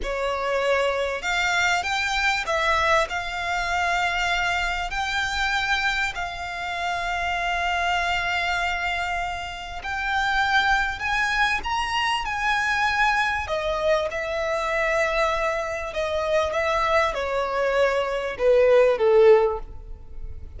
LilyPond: \new Staff \with { instrumentName = "violin" } { \time 4/4 \tempo 4 = 98 cis''2 f''4 g''4 | e''4 f''2. | g''2 f''2~ | f''1 |
g''2 gis''4 ais''4 | gis''2 dis''4 e''4~ | e''2 dis''4 e''4 | cis''2 b'4 a'4 | }